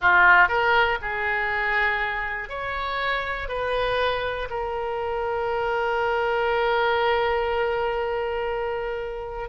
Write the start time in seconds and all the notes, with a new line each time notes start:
0.01 F4
0.48 A#4
1.01 G#4
2.49 C#5
3.48 B4
4.50 A#4